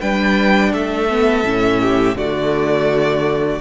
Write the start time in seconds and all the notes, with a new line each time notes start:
0.00 G3 D4 B4 G5
0.73 A3 A4 E5
1.09 B3
1.44 A2 C#4
1.82 G4
2.15 D3 A3 F#4 D5